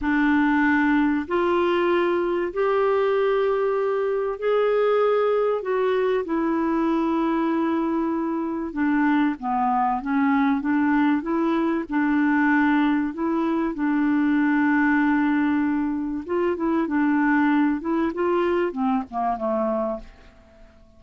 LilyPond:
\new Staff \with { instrumentName = "clarinet" } { \time 4/4 \tempo 4 = 96 d'2 f'2 | g'2. gis'4~ | gis'4 fis'4 e'2~ | e'2 d'4 b4 |
cis'4 d'4 e'4 d'4~ | d'4 e'4 d'2~ | d'2 f'8 e'8 d'4~ | d'8 e'8 f'4 c'8 ais8 a4 | }